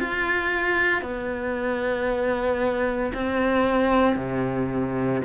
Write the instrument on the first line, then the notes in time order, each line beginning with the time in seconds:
cello
0.00 F4
1.02 B3
3.14 C4
4.16 C3